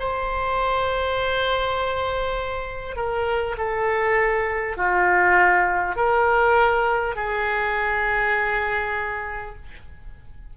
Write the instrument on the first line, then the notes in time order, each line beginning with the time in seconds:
oboe
0.00 C5
2.97 A#4
3.58 A4
4.77 F4
5.97 A#4
7.16 G#4